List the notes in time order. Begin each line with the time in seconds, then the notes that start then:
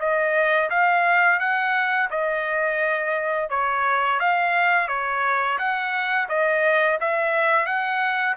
0.00 D#5
0.70 F5
1.40 F#5
2.11 D#5
3.50 C#5
4.20 F5
4.88 C#5
5.58 F#5
6.29 D#5
7.01 E5
7.66 F#5